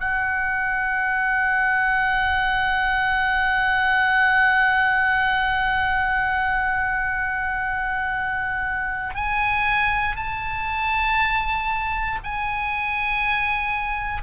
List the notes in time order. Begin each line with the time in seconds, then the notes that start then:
0.00 F#5
9.15 G#5
10.16 A5
12.24 G#5